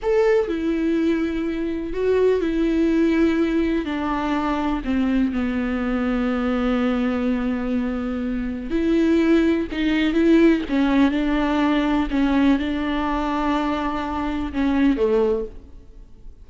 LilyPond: \new Staff \with { instrumentName = "viola" } { \time 4/4 \tempo 4 = 124 a'4 e'2. | fis'4 e'2. | d'2 c'4 b4~ | b1~ |
b2 e'2 | dis'4 e'4 cis'4 d'4~ | d'4 cis'4 d'2~ | d'2 cis'4 a4 | }